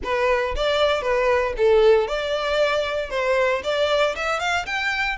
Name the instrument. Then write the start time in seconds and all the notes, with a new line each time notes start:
violin
0.03 B4
0.55 D5
1.02 B4
1.57 A4
2.07 D5
3.10 C5
3.63 D5
4.15 E5
4.39 F5
4.66 G5